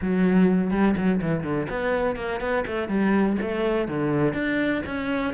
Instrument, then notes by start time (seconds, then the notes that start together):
cello
0.01 F#3
0.71 G3
0.96 F#3
1.21 E3
1.43 D3
1.69 B3
2.16 A#3
2.40 B3
2.67 A3
2.88 G3
3.41 A3
3.88 D3
4.33 D4
4.86 C#4